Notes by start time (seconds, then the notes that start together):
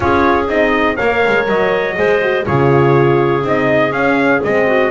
0.00 C#4 F4 G#4 C#5
0.48 C4 D#4 D#5
0.96 A#3 A#4 C#5 F5
1.26 G#3
1.48 F#3 D#5
1.96 G#3 G#4 C5
2.21 F#4
2.45 C#3 F4 G#4 C#5
3.43 C4 D#4 D#5
3.91 C#4 F5
4.43 G#3 C4 D#5
4.66 F#4